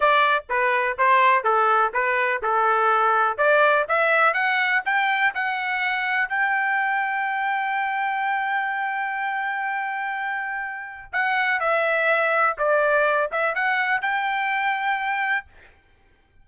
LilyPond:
\new Staff \with { instrumentName = "trumpet" } { \time 4/4 \tempo 4 = 124 d''4 b'4 c''4 a'4 | b'4 a'2 d''4 | e''4 fis''4 g''4 fis''4~ | fis''4 g''2.~ |
g''1~ | g''2. fis''4 | e''2 d''4. e''8 | fis''4 g''2. | }